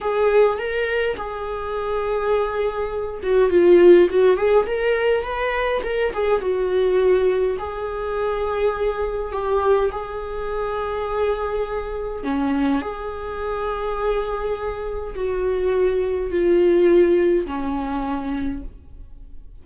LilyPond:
\new Staff \with { instrumentName = "viola" } { \time 4/4 \tempo 4 = 103 gis'4 ais'4 gis'2~ | gis'4. fis'8 f'4 fis'8 gis'8 | ais'4 b'4 ais'8 gis'8 fis'4~ | fis'4 gis'2. |
g'4 gis'2.~ | gis'4 cis'4 gis'2~ | gis'2 fis'2 | f'2 cis'2 | }